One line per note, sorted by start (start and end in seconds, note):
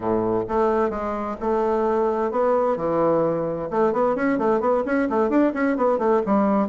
0.00 0.43 A2
0.48 0.89 A3
0.89 1.36 G#3
1.40 2.31 A3
2.31 2.76 B3
2.76 3.69 E3
3.70 3.93 A3
3.93 4.15 B3
4.15 4.38 C#4
4.38 4.60 A3
4.60 4.83 B3
4.85 5.08 C#4
5.09 5.29 A3
5.29 5.52 D4
5.53 5.76 C#4
5.77 5.98 B3
5.98 6.21 A3
6.26 6.68 G3